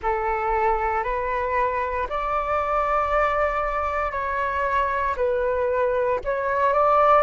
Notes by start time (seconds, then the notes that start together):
0.02 A4
1.03 B4
2.09 D5
4.11 C#5
5.16 B4
6.24 C#5
6.73 D5